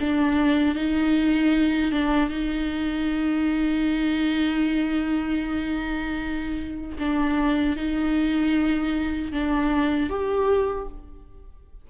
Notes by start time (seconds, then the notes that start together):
0.00 D4
0.75 D#4
1.92 D4
2.30 D#4
6.99 D4
7.76 D#4
9.32 D4
10.10 G4